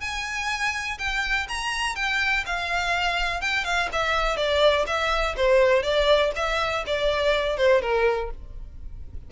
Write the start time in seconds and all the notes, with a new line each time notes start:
0.00 G#5
0.98 G5
1.48 A#5
1.95 G5
2.46 F5
3.41 G5
3.64 F5
3.92 E5
4.36 D5
4.86 E5
5.36 C5
5.82 D5
6.35 E5
6.86 D5
7.57 C5
7.81 A#4